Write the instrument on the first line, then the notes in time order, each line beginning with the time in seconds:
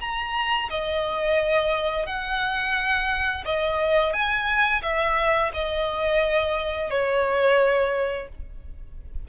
violin
0.00 A#5
0.69 D#5
2.06 F#5
3.45 D#5
4.13 G#5
4.82 E5
5.53 D#5
6.90 C#5